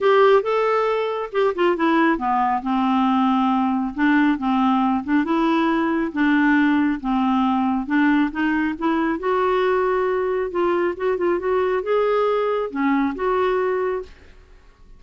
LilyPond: \new Staff \with { instrumentName = "clarinet" } { \time 4/4 \tempo 4 = 137 g'4 a'2 g'8 f'8 | e'4 b4 c'2~ | c'4 d'4 c'4. d'8 | e'2 d'2 |
c'2 d'4 dis'4 | e'4 fis'2. | f'4 fis'8 f'8 fis'4 gis'4~ | gis'4 cis'4 fis'2 | }